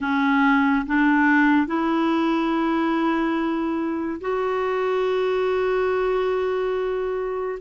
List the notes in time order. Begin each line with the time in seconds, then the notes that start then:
0.00 C#4
0.86 D4
1.66 E4
4.20 F#4